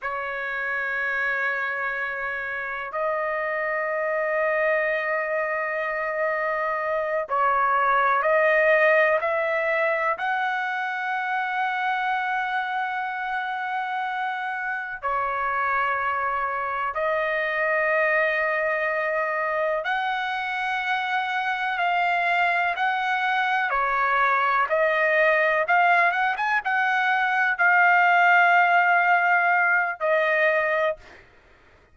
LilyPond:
\new Staff \with { instrumentName = "trumpet" } { \time 4/4 \tempo 4 = 62 cis''2. dis''4~ | dis''2.~ dis''8 cis''8~ | cis''8 dis''4 e''4 fis''4.~ | fis''2.~ fis''8 cis''8~ |
cis''4. dis''2~ dis''8~ | dis''8 fis''2 f''4 fis''8~ | fis''8 cis''4 dis''4 f''8 fis''16 gis''16 fis''8~ | fis''8 f''2~ f''8 dis''4 | }